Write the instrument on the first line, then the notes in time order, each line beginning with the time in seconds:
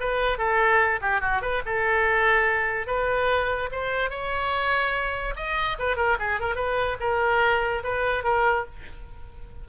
oboe
0.00 B4
0.38 A4
1.01 G4
1.21 F#4
1.41 B4
1.66 A4
2.87 B4
3.71 C5
4.10 C#5
5.36 D#5
5.79 B4
5.96 A#4
6.19 G#4
6.40 A#4
6.55 B4
7.00 A#4
7.83 B4
8.24 A#4